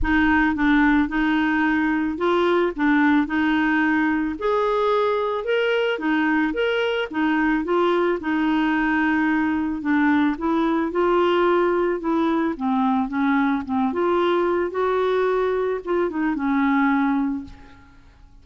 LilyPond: \new Staff \with { instrumentName = "clarinet" } { \time 4/4 \tempo 4 = 110 dis'4 d'4 dis'2 | f'4 d'4 dis'2 | gis'2 ais'4 dis'4 | ais'4 dis'4 f'4 dis'4~ |
dis'2 d'4 e'4 | f'2 e'4 c'4 | cis'4 c'8 f'4. fis'4~ | fis'4 f'8 dis'8 cis'2 | }